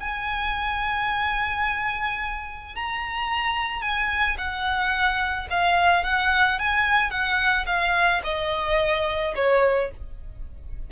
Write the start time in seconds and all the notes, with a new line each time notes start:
0.00 G#5
2.75 A#5
3.82 G#5
4.38 F#5
5.50 F5
6.04 F#5
6.59 G#5
7.11 F#5
7.66 F5
8.24 D#5
9.35 C#5